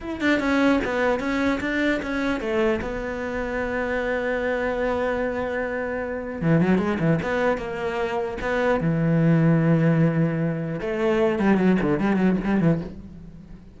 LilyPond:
\new Staff \with { instrumentName = "cello" } { \time 4/4 \tempo 4 = 150 e'8 d'8 cis'4 b4 cis'4 | d'4 cis'4 a4 b4~ | b1~ | b1 |
e8 fis8 gis8 e8 b4 ais4~ | ais4 b4 e2~ | e2. a4~ | a8 g8 fis8 d8 g8 fis8 g8 e8 | }